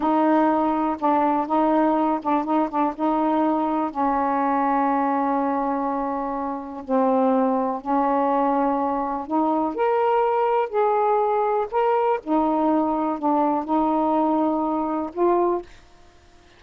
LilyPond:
\new Staff \with { instrumentName = "saxophone" } { \time 4/4 \tempo 4 = 123 dis'2 d'4 dis'4~ | dis'8 d'8 dis'8 d'8 dis'2 | cis'1~ | cis'2 c'2 |
cis'2. dis'4 | ais'2 gis'2 | ais'4 dis'2 d'4 | dis'2. f'4 | }